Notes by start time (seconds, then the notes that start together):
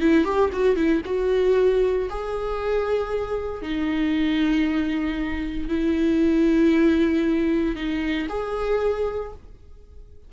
0.00 E4
0.24 G4
0.52 F#4
0.75 E4
1.05 F#4
2.09 G#4
3.62 D#4
5.68 E4
7.75 D#4
8.29 G#4